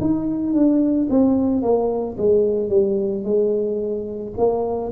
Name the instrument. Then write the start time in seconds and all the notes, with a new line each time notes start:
tuba
0.00 D#4
0.53 D4
1.10 C4
1.62 A#3
2.17 G#3
2.69 G3
3.24 G#3
4.37 A#3